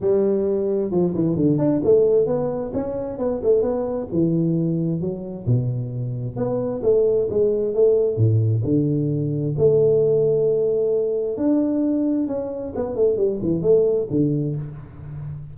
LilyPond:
\new Staff \with { instrumentName = "tuba" } { \time 4/4 \tempo 4 = 132 g2 f8 e8 d8 d'8 | a4 b4 cis'4 b8 a8 | b4 e2 fis4 | b,2 b4 a4 |
gis4 a4 a,4 d4~ | d4 a2.~ | a4 d'2 cis'4 | b8 a8 g8 e8 a4 d4 | }